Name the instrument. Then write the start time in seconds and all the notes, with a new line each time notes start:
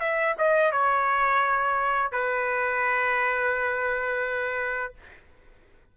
trumpet
0.00 E5
0.38 D#5
0.72 C#5
2.12 B4